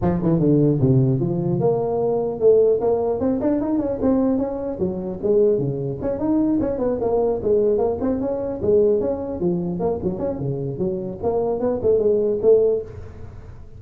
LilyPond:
\new Staff \with { instrumentName = "tuba" } { \time 4/4 \tempo 4 = 150 f8 e8 d4 c4 f4 | ais2 a4 ais4 | c'8 d'8 dis'8 cis'8 c'4 cis'4 | fis4 gis4 cis4 cis'8 dis'8~ |
dis'8 cis'8 b8 ais4 gis4 ais8 | c'8 cis'4 gis4 cis'4 f8~ | f8 ais8 fis8 cis'8 cis4 fis4 | ais4 b8 a8 gis4 a4 | }